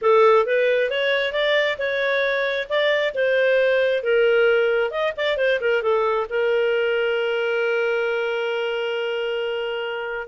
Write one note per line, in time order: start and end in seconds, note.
0.01 0.45 A4
0.45 0.90 B4
0.90 1.32 C#5
1.32 1.77 D5
1.78 2.67 C#5
2.69 3.14 D5
3.14 4.03 C5
4.03 4.90 A#4
4.90 5.13 D#5
5.17 5.37 D5
5.37 5.59 C5
5.61 5.82 A#4
5.82 6.27 A4
6.29 10.27 A#4